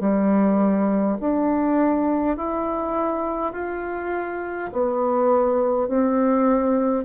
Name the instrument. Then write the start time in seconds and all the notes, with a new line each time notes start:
bassoon
0.00 G3
1.21 D4
2.37 E4
3.53 F4
4.72 B3
5.88 C4